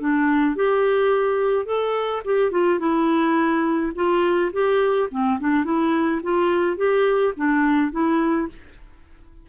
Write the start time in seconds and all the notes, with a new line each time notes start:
0.00 D4
0.55 G4
1.65 A4
2.25 G4
2.51 F4
2.79 E4
3.95 F4
4.53 G4
5.11 C4
5.39 D4
5.64 E4
6.23 F4
6.77 G4
7.36 D4
7.91 E4